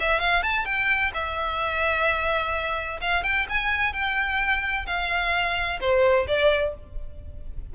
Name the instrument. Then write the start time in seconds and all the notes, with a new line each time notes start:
violin
0.00 E5
0.20 F5
0.43 A5
0.65 G5
1.14 E5
3.01 F5
3.23 G5
3.49 G#5
3.93 G5
4.87 F5
5.81 C5
6.27 D5